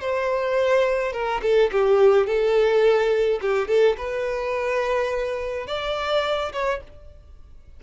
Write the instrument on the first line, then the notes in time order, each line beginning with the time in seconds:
violin
0.00 C5
1.13 A#4
1.42 A4
1.71 G4
2.26 A4
3.41 G4
3.68 A4
3.98 B4
5.67 D5
6.52 C#5